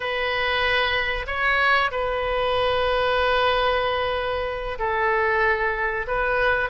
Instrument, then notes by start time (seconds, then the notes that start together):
oboe
0.00 B4
1.26 C#5
1.91 B4
4.78 A4
6.07 B4